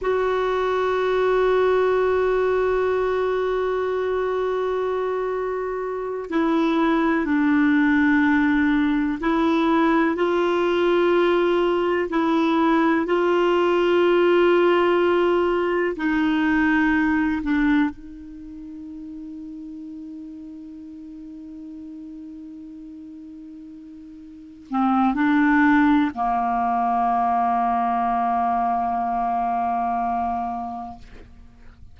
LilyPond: \new Staff \with { instrumentName = "clarinet" } { \time 4/4 \tempo 4 = 62 fis'1~ | fis'2~ fis'8 e'4 d'8~ | d'4. e'4 f'4.~ | f'8 e'4 f'2~ f'8~ |
f'8 dis'4. d'8 dis'4.~ | dis'1~ | dis'4. c'8 d'4 ais4~ | ais1 | }